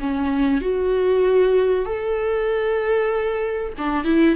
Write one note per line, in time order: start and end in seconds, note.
0.00 0.61 C#4
0.61 1.86 F#4
1.86 3.73 A4
3.78 4.05 D4
4.05 4.36 E4